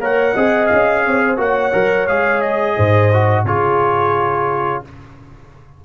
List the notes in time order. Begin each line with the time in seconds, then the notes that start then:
0.00 A#3 A#4 C#5 F#5
0.34 C4 G#4 D#5
0.67 C#4 F5
1.06 C4 C#5
1.26 C5
1.37 A#3 F#4 C#5 F#5
1.73 F#3 A#4
2.08 G#3 G#4 F5
2.42 D#5
2.77 G#2 C5
3.14 F#4
3.45 C#3 F4 G#4 C#5